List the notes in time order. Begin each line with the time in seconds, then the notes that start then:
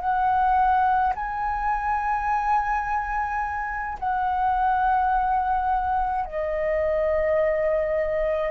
0.00 F#5
1.15 G#5
3.99 F#5
6.25 D#5